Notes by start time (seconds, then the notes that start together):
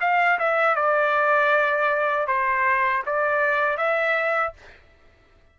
0.00 F5
0.39 E5
0.75 D5
2.27 C5
3.06 D5
3.77 E5